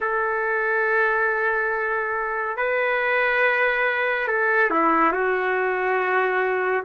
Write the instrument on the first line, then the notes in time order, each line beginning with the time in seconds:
trumpet
0.00 A4
2.56 B4
4.27 A4
4.70 E4
5.12 F#4